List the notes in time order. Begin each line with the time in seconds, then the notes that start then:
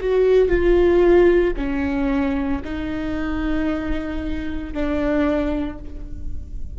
0.00 F#4
0.48 F4
1.56 C#4
2.64 D#4
4.73 D4